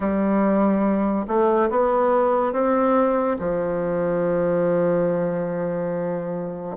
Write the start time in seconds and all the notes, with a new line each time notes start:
0.00 G3
1.27 A3
1.70 B3
2.52 C4
3.38 F3